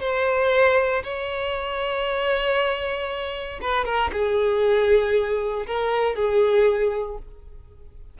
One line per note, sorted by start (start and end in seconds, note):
0.00 1.03 C5
1.03 3.59 C#5
3.61 3.85 B4
3.85 4.10 A#4
4.12 5.66 G#4
5.66 6.15 A#4
6.15 7.17 G#4